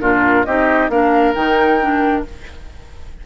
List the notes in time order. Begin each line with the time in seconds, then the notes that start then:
0.00 A#2 D4 F4 A#4
0.44 C4 D#4 G4 D#5
0.89 A#3 D4 A#4 F5
1.35 D#3 D#4 G5
1.81 D4